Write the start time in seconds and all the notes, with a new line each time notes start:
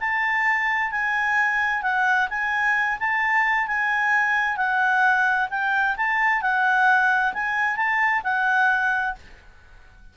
0.00 A5
0.91 G#5
1.83 F#5
2.30 G#5
3.00 A5
3.68 G#5
4.57 F#5
5.50 G5
5.97 A5
6.42 F#5
7.34 G#5
7.77 A5
8.24 F#5